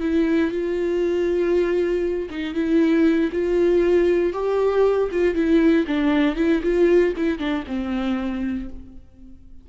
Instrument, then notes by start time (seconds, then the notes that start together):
viola
0.00 E4
0.51 F4
2.30 D#4
2.54 E4
3.32 F4
4.33 G4
5.11 F4
5.34 E4
5.87 D4
6.36 E4
6.63 F4
7.16 E4
7.38 D4
7.67 C4